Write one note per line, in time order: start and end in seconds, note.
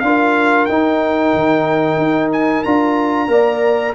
0.00 0.67 D4
0.00 0.69 F4
0.00 3.31 A#4
0.00 0.65 F5
0.65 1.34 D#4
0.65 2.65 D#4
0.65 2.29 G5
1.34 1.97 D#3
1.97 2.63 D#4
2.32 2.64 G#5
2.64 3.28 D4
2.64 3.28 F4
2.64 3.94 A#5
3.28 3.93 A#3
3.28 3.93 A#4
3.28 3.95 D5